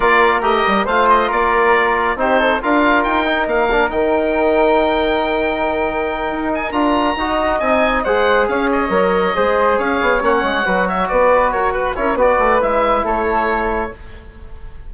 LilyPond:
<<
  \new Staff \with { instrumentName = "oboe" } { \time 4/4 \tempo 4 = 138 d''4 dis''4 f''8 dis''8 d''4~ | d''4 c''4 f''4 g''4 | f''4 g''2.~ | g''2. gis''8 ais''8~ |
ais''4. gis''4 fis''4 f''8 | dis''2~ dis''8 f''4 fis''8~ | fis''4 e''8 d''4 cis''8 b'8 cis''8 | d''4 e''4 cis''2 | }
  \new Staff \with { instrumentName = "flute" } { \time 4/4 ais'2 c''4 ais'4~ | ais'4 g'8 a'8 ais'2~ | ais'1~ | ais'1~ |
ais'8 dis''2 c''4 cis''8~ | cis''4. c''4 cis''4.~ | cis''8 b'8 cis''8 b'4 ais'8 b'8 ais'8 | b'2 a'2 | }
  \new Staff \with { instrumentName = "trombone" } { \time 4/4 f'4 g'4 f'2~ | f'4 dis'4 f'4. dis'8~ | dis'8 d'8 dis'2.~ | dis'2.~ dis'8 f'8~ |
f'8 fis'4 dis'4 gis'4.~ | gis'8 ais'4 gis'2 cis'8~ | cis'8 fis'2. e'8 | fis'4 e'2. | }
  \new Staff \with { instrumentName = "bassoon" } { \time 4/4 ais4 a8 g8 a4 ais4~ | ais4 c'4 d'4 dis'4 | ais4 dis2.~ | dis2~ dis8 dis'4 d'8~ |
d'8 dis'4 c'4 gis4 cis'8~ | cis'8 fis4 gis4 cis'8 b8 ais8 | gis8 fis4 b4 fis'4 cis'8 | b8 a8 gis4 a2 | }
>>